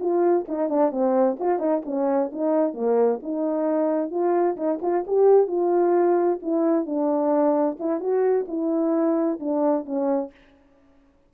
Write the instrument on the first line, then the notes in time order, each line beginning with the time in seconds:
horn
0.00 F4
0.48 D#4
0.70 D4
0.91 C4
1.39 F4
1.59 D#4
1.85 C#4
2.33 D#4
2.74 A#3
3.22 D#4
4.11 F4
4.57 D#4
4.82 F4
5.07 G4
5.48 F4
6.42 E4
6.86 D4
7.80 E4
8.00 F#4
8.48 E4
9.40 D4
9.85 C#4